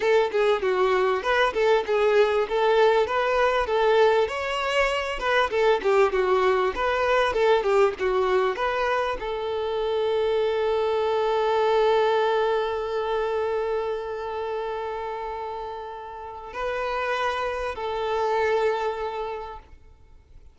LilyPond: \new Staff \with { instrumentName = "violin" } { \time 4/4 \tempo 4 = 98 a'8 gis'8 fis'4 b'8 a'8 gis'4 | a'4 b'4 a'4 cis''4~ | cis''8 b'8 a'8 g'8 fis'4 b'4 | a'8 g'8 fis'4 b'4 a'4~ |
a'1~ | a'1~ | a'2. b'4~ | b'4 a'2. | }